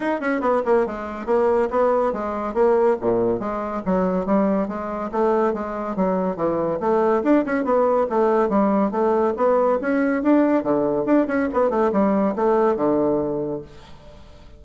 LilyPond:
\new Staff \with { instrumentName = "bassoon" } { \time 4/4 \tempo 4 = 141 dis'8 cis'8 b8 ais8 gis4 ais4 | b4 gis4 ais4 ais,4 | gis4 fis4 g4 gis4 | a4 gis4 fis4 e4 |
a4 d'8 cis'8 b4 a4 | g4 a4 b4 cis'4 | d'4 d4 d'8 cis'8 b8 a8 | g4 a4 d2 | }